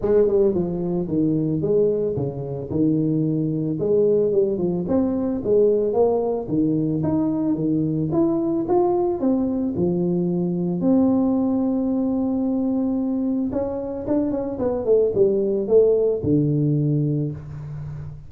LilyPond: \new Staff \with { instrumentName = "tuba" } { \time 4/4 \tempo 4 = 111 gis8 g8 f4 dis4 gis4 | cis4 dis2 gis4 | g8 f8 c'4 gis4 ais4 | dis4 dis'4 dis4 e'4 |
f'4 c'4 f2 | c'1~ | c'4 cis'4 d'8 cis'8 b8 a8 | g4 a4 d2 | }